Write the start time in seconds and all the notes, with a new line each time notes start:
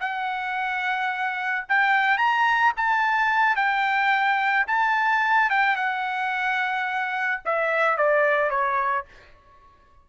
0.00 F#5
1.69 G5
2.18 A#5
2.77 A5
3.56 G5
4.67 A5
5.50 G5
5.76 F#5
7.45 E5
7.97 D5
8.50 C#5